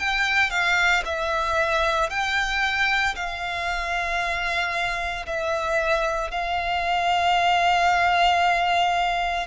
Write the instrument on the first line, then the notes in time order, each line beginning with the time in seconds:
violin
0.00 G5
0.50 F5
1.05 E5
2.10 G5
3.16 F5
5.26 E5
6.31 F5